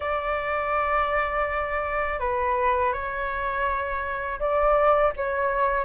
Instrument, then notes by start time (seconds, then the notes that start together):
flute
0.00 D5
2.20 B4
2.92 C#5
4.39 D5
5.16 C#5